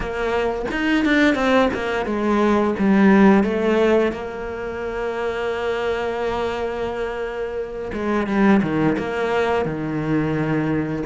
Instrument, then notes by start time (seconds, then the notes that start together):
cello
0.00 A#3
0.71 D#4
1.04 D4
1.34 C4
1.73 A#3
2.05 G#3
2.78 G3
3.43 A3
4.12 A#3
7.93 G#3
8.26 G3
8.62 D#3
8.97 A#3
9.65 D#3